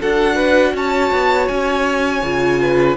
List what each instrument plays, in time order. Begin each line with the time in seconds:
0.00 cello D4, viola F#4, violin A4 F#5
0.35 violin B4
0.74 cello C#4, violin C#5 A5
1.11 cello B3
1.48 cello C#4, violin G#5
2.23 cello C#3, viola F4
2.61 violin B4